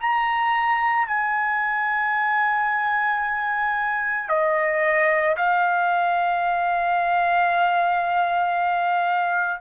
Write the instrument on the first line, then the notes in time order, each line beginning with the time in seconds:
trumpet
0.00 A#5
1.08 G#5
4.29 D#5
5.37 F5